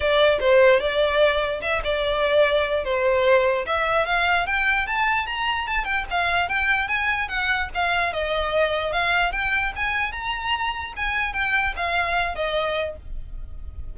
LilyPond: \new Staff \with { instrumentName = "violin" } { \time 4/4 \tempo 4 = 148 d''4 c''4 d''2 | e''8 d''2~ d''8 c''4~ | c''4 e''4 f''4 g''4 | a''4 ais''4 a''8 g''8 f''4 |
g''4 gis''4 fis''4 f''4 | dis''2 f''4 g''4 | gis''4 ais''2 gis''4 | g''4 f''4. dis''4. | }